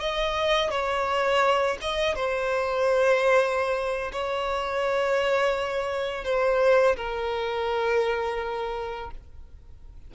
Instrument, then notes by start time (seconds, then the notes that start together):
violin
0.00 D#5
0.70 C#5
1.81 D#5
2.15 C5
4.12 C#5
6.24 C5
6.96 A#4